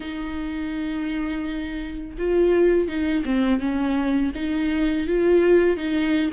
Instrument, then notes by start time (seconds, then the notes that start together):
viola
0.00 D#4
2.18 F4
2.88 D#4
3.25 C4
3.59 C#4
4.34 D#4
5.07 F4
5.76 D#4